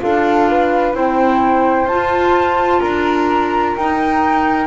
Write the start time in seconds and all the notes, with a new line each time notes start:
0.00 D4 F4 A4 F5
0.50 B4
0.94 C4 E4 C5 G5
1.87 F4 A5
2.80 D4 A#4 A#5
3.77 D#4 G5